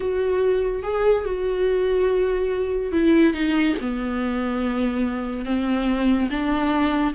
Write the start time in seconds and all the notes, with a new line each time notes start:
0.00 F#4
0.82 G#4
1.24 F#4
2.92 E4
3.33 D#4
3.80 B3
5.45 C4
6.30 D4